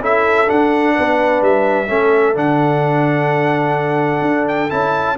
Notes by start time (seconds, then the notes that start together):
0.00 C#4 E4 A4 E5
0.46 D4 F#5
0.94 B3 B4
1.41 G3 E5
1.88 A3 C#4 A4
2.34 D3 D4 F#5
4.21 D4
4.48 G5
4.69 C#4 E4 A5